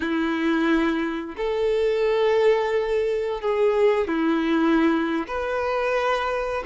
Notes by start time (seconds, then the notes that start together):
0.00 E4
1.36 A4
3.41 G#4
4.07 E4
5.27 B4